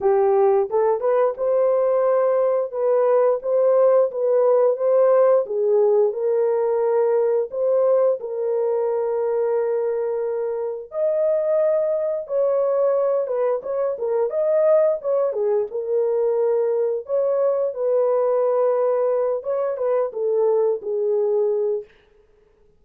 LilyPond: \new Staff \with { instrumentName = "horn" } { \time 4/4 \tempo 4 = 88 g'4 a'8 b'8 c''2 | b'4 c''4 b'4 c''4 | gis'4 ais'2 c''4 | ais'1 |
dis''2 cis''4. b'8 | cis''8 ais'8 dis''4 cis''8 gis'8 ais'4~ | ais'4 cis''4 b'2~ | b'8 cis''8 b'8 a'4 gis'4. | }